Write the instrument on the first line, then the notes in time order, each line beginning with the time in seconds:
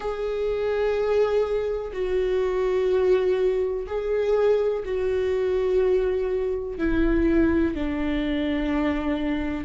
viola
0.00 G#4
1.93 F#4
3.87 G#4
4.84 F#4
6.77 E4
7.74 D4